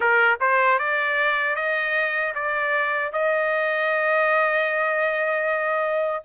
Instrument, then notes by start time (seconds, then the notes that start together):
trumpet
0.00 A#4
0.40 C5
0.78 D5
1.55 D#5
2.34 D5
3.12 D#5